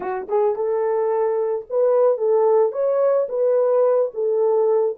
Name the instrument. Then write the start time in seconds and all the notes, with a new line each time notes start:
horn
0.00 F#4
0.28 G#4
0.55 A4
1.69 B4
2.17 A4
2.71 C#5
3.29 B4
4.13 A4